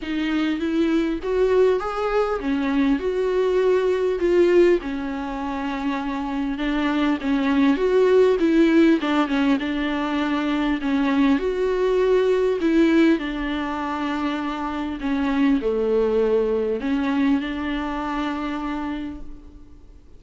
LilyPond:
\new Staff \with { instrumentName = "viola" } { \time 4/4 \tempo 4 = 100 dis'4 e'4 fis'4 gis'4 | cis'4 fis'2 f'4 | cis'2. d'4 | cis'4 fis'4 e'4 d'8 cis'8 |
d'2 cis'4 fis'4~ | fis'4 e'4 d'2~ | d'4 cis'4 a2 | cis'4 d'2. | }